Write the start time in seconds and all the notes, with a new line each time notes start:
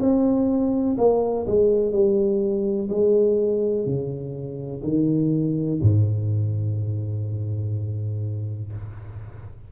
0.00 C4
0.99 A#3
1.47 G#3
1.92 G3
2.90 G#3
3.86 C#3
4.84 D#3
5.82 G#2